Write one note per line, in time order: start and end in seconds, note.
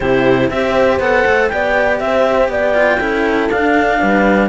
0.00 0.50 C3
0.00 0.51 E4
0.00 0.47 G4
0.00 0.49 C5
0.49 0.99 C4
0.49 1.01 G4
0.49 1.52 C5
0.49 0.99 E5
0.99 1.24 B3
0.99 1.50 A4
0.99 1.48 F#5
1.26 1.51 A3
1.48 2.00 B3
1.48 2.73 G4
1.48 2.02 D5
1.48 1.98 G5
1.98 2.48 C4
1.98 2.50 C5
1.98 2.48 E5
2.48 2.98 B3
2.48 2.98 D5
2.48 3.50 G5
2.73 2.98 F4
2.98 3.49 C#4
2.98 3.50 E4
2.98 3.98 A4
3.49 3.99 D4
3.49 4.48 D4
3.49 4.48 F5
3.99 4.48 G3
3.99 4.48 B4